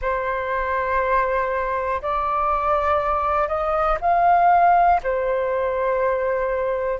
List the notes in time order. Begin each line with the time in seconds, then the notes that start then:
0.01 C5
2.02 D5
3.48 D#5
4.00 F5
5.03 C5